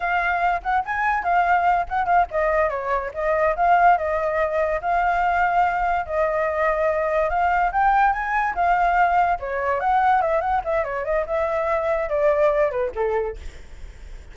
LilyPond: \new Staff \with { instrumentName = "flute" } { \time 4/4 \tempo 4 = 144 f''4. fis''8 gis''4 f''4~ | f''8 fis''8 f''8 dis''4 cis''4 dis''8~ | dis''8 f''4 dis''2 f''8~ | f''2~ f''8 dis''4.~ |
dis''4. f''4 g''4 gis''8~ | gis''8 f''2 cis''4 fis''8~ | fis''8 e''8 fis''8 e''8 cis''8 dis''8 e''4~ | e''4 d''4. b'8 a'4 | }